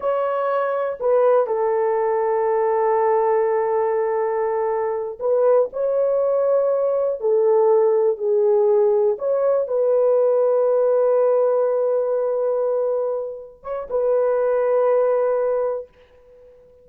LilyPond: \new Staff \with { instrumentName = "horn" } { \time 4/4 \tempo 4 = 121 cis''2 b'4 a'4~ | a'1~ | a'2~ a'8 b'4 cis''8~ | cis''2~ cis''8 a'4.~ |
a'8 gis'2 cis''4 b'8~ | b'1~ | b'2.~ b'8 cis''8 | b'1 | }